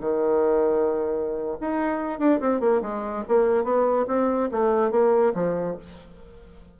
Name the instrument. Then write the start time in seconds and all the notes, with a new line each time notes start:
bassoon
0.00 D#3
1.61 D#4
2.19 D4
2.40 C4
2.60 A#3
2.82 G#3
3.28 A#3
3.64 B3
4.07 C4
4.51 A3
4.91 A#3
5.34 F3